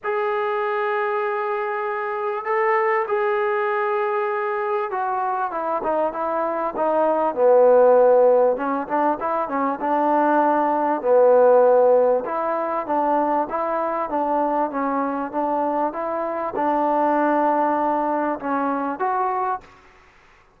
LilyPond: \new Staff \with { instrumentName = "trombone" } { \time 4/4 \tempo 4 = 98 gis'1 | a'4 gis'2. | fis'4 e'8 dis'8 e'4 dis'4 | b2 cis'8 d'8 e'8 cis'8 |
d'2 b2 | e'4 d'4 e'4 d'4 | cis'4 d'4 e'4 d'4~ | d'2 cis'4 fis'4 | }